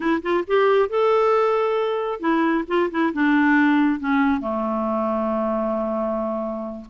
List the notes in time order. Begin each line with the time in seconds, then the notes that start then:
0.00 E4
0.22 F4
0.47 G4
0.89 A4
2.20 E4
2.67 F4
2.90 E4
3.13 D4
3.99 C#4
4.40 A3